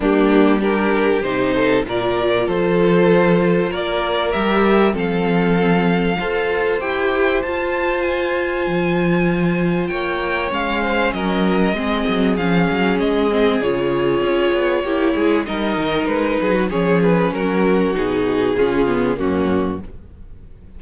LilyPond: <<
  \new Staff \with { instrumentName = "violin" } { \time 4/4 \tempo 4 = 97 g'4 ais'4 c''4 d''4 | c''2 d''4 e''4 | f''2. g''4 | a''4 gis''2. |
g''4 f''4 dis''2 | f''4 dis''4 cis''2~ | cis''4 dis''4 b'4 cis''8 b'8 | ais'4 gis'2 fis'4 | }
  \new Staff \with { instrumentName = "violin" } { \time 4/4 d'4 g'4. a'8 ais'4 | a'2 ais'2 | a'2 c''2~ | c''1 |
cis''4. c''8 ais'4 gis'4~ | gis'1 | g'8 gis'8 ais'4. gis'16 fis'16 gis'4 | fis'2 f'4 cis'4 | }
  \new Staff \with { instrumentName = "viola" } { \time 4/4 ais4 d'4 dis'4 f'4~ | f'2. g'4 | c'2 a'4 g'4 | f'1~ |
f'4 cis'2 c'4 | cis'4. c'8 f'2 | e'4 dis'2 cis'4~ | cis'4 dis'4 cis'8 b8 ais4 | }
  \new Staff \with { instrumentName = "cello" } { \time 4/4 g2 c4 ais,4 | f2 ais4 g4 | f2 f'4 e'4 | f'2 f2 |
ais4 gis4 fis4 gis8 fis8 | f8 fis8 gis4 cis4 cis'8 b8 | ais8 gis8 g8 dis8 gis8 fis8 f4 | fis4 b,4 cis4 fis,4 | }
>>